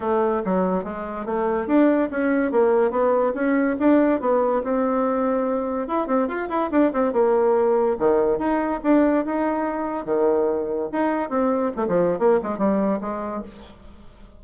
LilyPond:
\new Staff \with { instrumentName = "bassoon" } { \time 4/4 \tempo 4 = 143 a4 fis4 gis4 a4 | d'4 cis'4 ais4 b4 | cis'4 d'4 b4 c'4~ | c'2 e'8 c'8 f'8 e'8 |
d'8 c'8 ais2 dis4 | dis'4 d'4 dis'2 | dis2 dis'4 c'4 | a16 f8. ais8 gis8 g4 gis4 | }